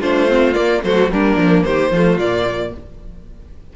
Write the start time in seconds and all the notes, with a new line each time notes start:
0.00 A3 D4 F4 C5
0.28 C4
0.53 A#3 D5
0.83 F#3 A3 F#4 C5
1.11 G3 A#3 D4 A#4
1.36 F3
1.63 D#3 G4 C5
1.91 F3 A3 F4
2.16 A#2 A#3 D5